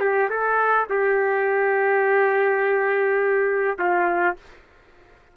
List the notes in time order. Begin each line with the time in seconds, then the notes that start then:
0.00 G4
0.29 A4
0.89 G4
3.78 F4